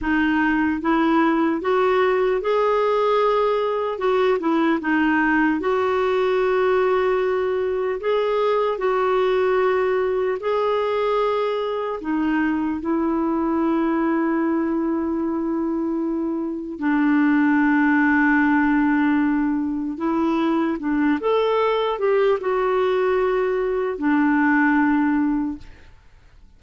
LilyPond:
\new Staff \with { instrumentName = "clarinet" } { \time 4/4 \tempo 4 = 75 dis'4 e'4 fis'4 gis'4~ | gis'4 fis'8 e'8 dis'4 fis'4~ | fis'2 gis'4 fis'4~ | fis'4 gis'2 dis'4 |
e'1~ | e'4 d'2.~ | d'4 e'4 d'8 a'4 g'8 | fis'2 d'2 | }